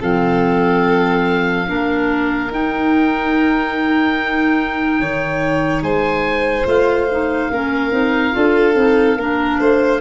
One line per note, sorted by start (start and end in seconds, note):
0.00 1.69 F3
0.00 1.66 C4
0.00 1.67 A4
0.00 2.53 F5
1.66 2.51 A#3
1.66 2.49 D4
1.66 5.00 A#4
2.51 5.00 D#4
2.51 6.65 D#4
2.51 5.83 G5
5.00 5.82 D#3
5.00 5.84 C#5
5.82 6.65 G#3
5.82 7.50 C5
5.82 6.66 G#5
6.65 7.49 A3
6.65 7.07 F4
6.65 10.01 F5
7.11 7.52 D#4
7.50 7.92 A#3
7.50 7.91 C#4
7.50 8.36 A#4
7.91 8.34 C4
7.91 8.32 D#4
8.32 8.75 D4
8.32 8.73 F4
8.32 9.18 A4
8.74 9.16 C4
8.74 9.16 D#4
9.16 9.58 A#3
9.16 10.01 D4
9.16 9.60 A#4
9.60 10.01 A3
9.60 10.01 C5